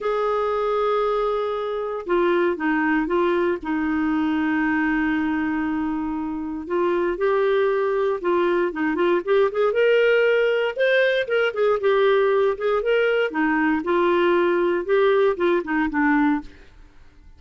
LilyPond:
\new Staff \with { instrumentName = "clarinet" } { \time 4/4 \tempo 4 = 117 gis'1 | f'4 dis'4 f'4 dis'4~ | dis'1~ | dis'4 f'4 g'2 |
f'4 dis'8 f'8 g'8 gis'8 ais'4~ | ais'4 c''4 ais'8 gis'8 g'4~ | g'8 gis'8 ais'4 dis'4 f'4~ | f'4 g'4 f'8 dis'8 d'4 | }